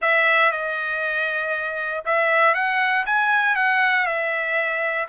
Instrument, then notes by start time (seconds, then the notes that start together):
trumpet
0.01 E5
0.51 D#5
2.05 E5
2.54 F#5
3.06 G#5
3.55 F#5
4.05 E5